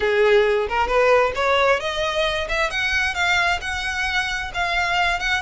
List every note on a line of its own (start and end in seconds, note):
0.00 0.67 G#4
0.68 0.87 A#4
0.87 1.32 B4
1.35 1.80 C#5
1.80 2.48 D#5
2.48 2.70 E5
2.70 3.14 F#5
3.14 3.59 F5
3.61 4.51 F#5
4.54 5.19 F5
5.19 5.41 F#5